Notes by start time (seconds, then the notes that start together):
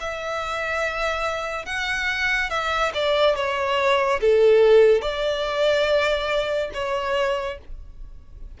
0.00 E5
1.65 F#5
2.49 E5
2.94 D5
3.35 C#5
4.21 A4
5.01 D5
6.73 C#5